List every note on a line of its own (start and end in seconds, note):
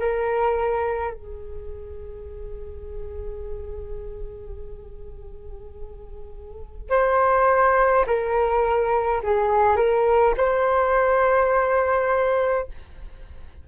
0.00 1.14 A#4
1.14 6.90 G#4
6.90 8.06 C5
8.07 9.22 A#4
9.24 9.77 G#4
9.77 10.35 A#4
10.37 12.68 C5